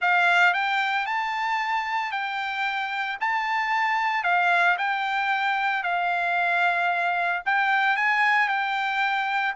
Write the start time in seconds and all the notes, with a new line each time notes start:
0.01 F5
0.53 G5
1.06 A5
2.11 G5
3.20 A5
4.23 F5
4.77 G5
5.83 F5
7.45 G5
7.96 G#5
8.48 G5